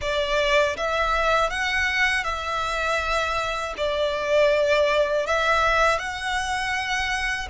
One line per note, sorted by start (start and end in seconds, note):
0.01 0.76 D5
0.76 1.50 E5
1.50 2.24 F#5
2.24 3.74 E5
3.77 5.26 D5
5.26 5.98 E5
5.98 7.48 F#5